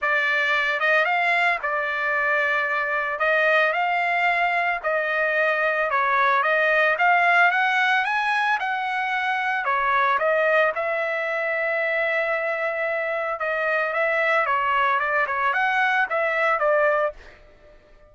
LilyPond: \new Staff \with { instrumentName = "trumpet" } { \time 4/4 \tempo 4 = 112 d''4. dis''8 f''4 d''4~ | d''2 dis''4 f''4~ | f''4 dis''2 cis''4 | dis''4 f''4 fis''4 gis''4 |
fis''2 cis''4 dis''4 | e''1~ | e''4 dis''4 e''4 cis''4 | d''8 cis''8 fis''4 e''4 d''4 | }